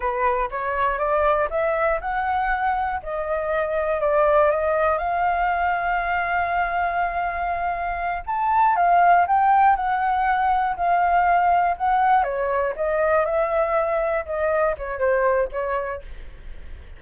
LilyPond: \new Staff \with { instrumentName = "flute" } { \time 4/4 \tempo 4 = 120 b'4 cis''4 d''4 e''4 | fis''2 dis''2 | d''4 dis''4 f''2~ | f''1~ |
f''8 a''4 f''4 g''4 fis''8~ | fis''4. f''2 fis''8~ | fis''8 cis''4 dis''4 e''4.~ | e''8 dis''4 cis''8 c''4 cis''4 | }